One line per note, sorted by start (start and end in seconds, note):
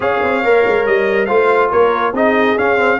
0.00 0.20 C#4
0.00 0.43 G#4
0.00 1.26 C#5
0.00 0.86 F5
0.23 0.43 C4
0.43 0.65 A#3
0.43 1.27 A#4
0.67 0.87 G#3
0.86 1.28 G3
0.86 1.25 D#5
1.25 1.71 A3
1.25 2.13 F4
1.25 1.69 C5
1.25 1.68 F5
1.71 2.12 A#3
1.71 2.14 A#4
1.71 2.14 C#5
2.12 2.55 C4
2.12 2.57 D#4
2.12 2.99 G#4
2.12 2.58 D#5
2.57 2.76 C#4
2.57 2.99 C#4
2.57 2.99 F5
2.76 2.98 C4